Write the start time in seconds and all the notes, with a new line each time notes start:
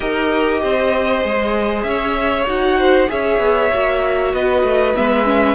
0.00 D#4 G4 A#4 D#5
0.62 C4 C5
1.21 G#3 G#4
1.82 C#4 C#5 E5
2.46 D#4 F#4 F#5
2.78 C5
3.07 C#4 G#4 C#5 E5
3.38 B3
3.73 A#3 F#4
4.33 B3 B4 D#5
4.62 A3
4.94 G#3 B3 E5
5.24 C#4